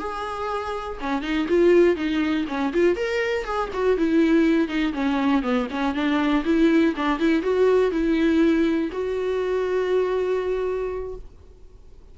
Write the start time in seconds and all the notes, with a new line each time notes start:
0.00 G#4
1.01 C#4
1.23 D#4
1.49 F4
1.97 D#4
2.48 C#4
2.74 F4
2.97 A#4
3.45 G#4
3.74 F#4
3.98 E4
4.69 D#4
4.94 C#4
5.43 B3
5.71 C#4
5.95 D4
6.45 E4
6.96 D4
7.20 E4
7.43 F#4
7.92 E4
8.93 F#4